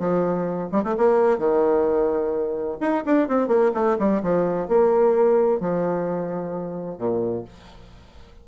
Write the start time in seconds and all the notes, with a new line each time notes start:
0.00 F3
0.73 G3
0.84 A3
0.98 A#3
1.39 D#3
2.81 D#4
3.07 D4
3.29 C4
3.49 A#3
3.75 A3
4.00 G3
4.23 F3
4.68 A#3
5.61 F3
6.99 A#2